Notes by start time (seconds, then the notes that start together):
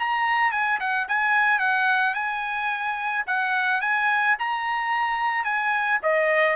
0.00 A#5
0.52 G#5
0.80 F#5
1.09 G#5
1.60 F#5
2.15 G#5
3.27 F#5
3.81 G#5
4.39 A#5
5.44 G#5
6.03 D#5